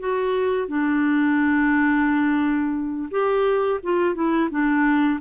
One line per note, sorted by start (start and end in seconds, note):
0.00 0.68 F#4
0.68 3.09 D4
3.11 3.80 G4
3.83 4.15 F4
4.15 4.49 E4
4.51 5.20 D4